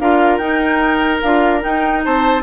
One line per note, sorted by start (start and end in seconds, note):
0.00 0.39 D4
0.00 0.41 F4
0.00 2.05 A#4
0.00 0.38 F5
0.38 1.21 D#4
0.38 1.23 D#4
0.38 1.20 G5
1.22 1.64 D4
1.22 1.61 F4
1.22 1.63 F5
1.61 2.43 D#4
1.61 2.06 D#4
1.61 2.04 G5
2.05 2.43 C4
2.05 2.43 C5
2.05 2.43 A5